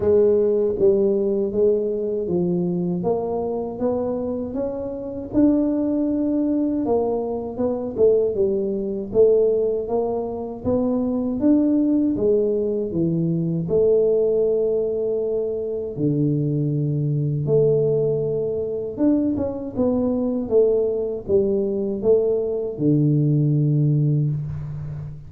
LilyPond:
\new Staff \with { instrumentName = "tuba" } { \time 4/4 \tempo 4 = 79 gis4 g4 gis4 f4 | ais4 b4 cis'4 d'4~ | d'4 ais4 b8 a8 g4 | a4 ais4 b4 d'4 |
gis4 e4 a2~ | a4 d2 a4~ | a4 d'8 cis'8 b4 a4 | g4 a4 d2 | }